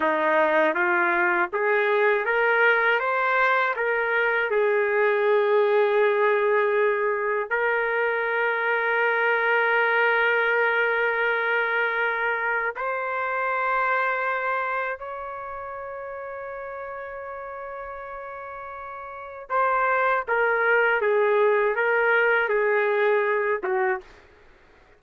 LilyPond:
\new Staff \with { instrumentName = "trumpet" } { \time 4/4 \tempo 4 = 80 dis'4 f'4 gis'4 ais'4 | c''4 ais'4 gis'2~ | gis'2 ais'2~ | ais'1~ |
ais'4 c''2. | cis''1~ | cis''2 c''4 ais'4 | gis'4 ais'4 gis'4. fis'8 | }